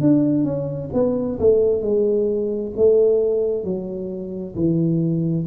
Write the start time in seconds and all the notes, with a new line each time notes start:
0.00 D4
0.44 C#4
0.93 B3
1.39 A3
1.81 G#3
2.76 A3
3.64 F#3
4.55 E3